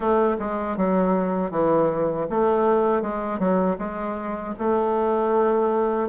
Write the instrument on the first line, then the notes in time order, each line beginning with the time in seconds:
bassoon
0.00 A3
0.39 G#3
0.76 F#3
1.50 E3
2.30 A3
3.02 G#3
3.39 F#3
3.78 G#3
4.58 A3